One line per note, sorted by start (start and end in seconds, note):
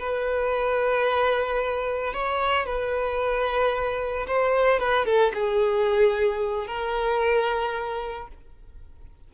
0.00 2.14 B4
2.14 2.66 C#5
2.66 4.27 B4
4.28 4.80 C5
4.80 5.06 B4
5.06 5.33 A4
5.35 6.68 G#4
6.68 8.28 A#4